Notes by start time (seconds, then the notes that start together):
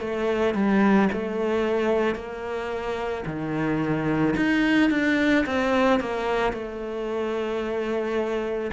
0.00 A3
0.54 G3
1.12 A3
2.15 A#3
3.26 D#3
4.36 D#4
4.90 D4
5.46 C4
6.00 A#3
6.53 A3